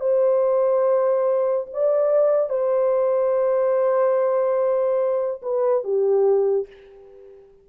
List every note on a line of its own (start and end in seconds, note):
0.00 1.67 C5
1.73 2.49 D5
2.49 5.41 C5
5.42 5.84 B4
5.84 6.67 G4